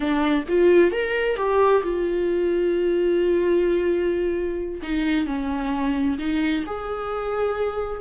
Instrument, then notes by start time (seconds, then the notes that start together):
viola
0.00 D4
0.48 F4
0.91 A#4
1.36 G4
1.83 F4
4.82 D#4
5.26 C#4
6.18 D#4
6.66 G#4